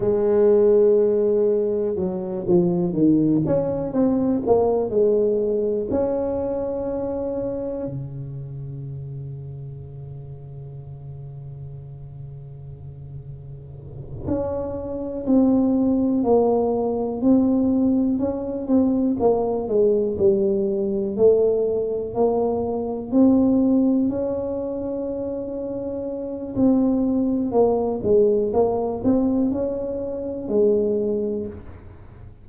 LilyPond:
\new Staff \with { instrumentName = "tuba" } { \time 4/4 \tempo 4 = 61 gis2 fis8 f8 dis8 cis'8 | c'8 ais8 gis4 cis'2 | cis1~ | cis2~ cis8 cis'4 c'8~ |
c'8 ais4 c'4 cis'8 c'8 ais8 | gis8 g4 a4 ais4 c'8~ | c'8 cis'2~ cis'8 c'4 | ais8 gis8 ais8 c'8 cis'4 gis4 | }